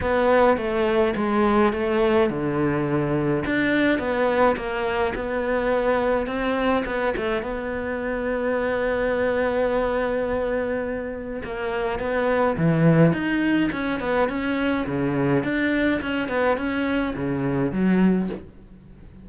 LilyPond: \new Staff \with { instrumentName = "cello" } { \time 4/4 \tempo 4 = 105 b4 a4 gis4 a4 | d2 d'4 b4 | ais4 b2 c'4 | b8 a8 b2.~ |
b1 | ais4 b4 e4 dis'4 | cis'8 b8 cis'4 cis4 d'4 | cis'8 b8 cis'4 cis4 fis4 | }